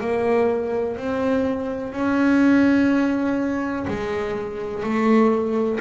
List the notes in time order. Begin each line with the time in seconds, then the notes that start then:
0.00 A#3
0.97 C4
1.92 C#4
3.88 G#3
4.83 A3